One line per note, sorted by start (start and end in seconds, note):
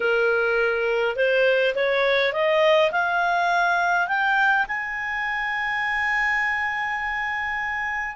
0.00 1.16 A#4
1.16 1.74 C5
1.75 2.32 C#5
2.32 2.91 D#5
2.91 4.07 F5
4.07 4.65 G5
4.67 8.16 G#5